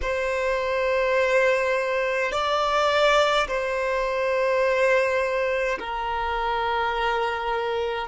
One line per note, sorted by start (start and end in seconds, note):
0.01 2.31 C5
2.31 3.47 D5
3.47 5.78 C5
5.79 8.08 A#4